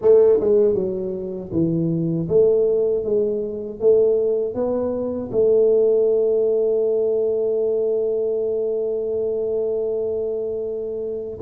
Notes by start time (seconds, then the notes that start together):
0.01 A3
0.40 G#3
0.74 F#3
1.52 E3
2.28 A3
3.04 G#3
3.80 A3
4.54 B3
5.31 A3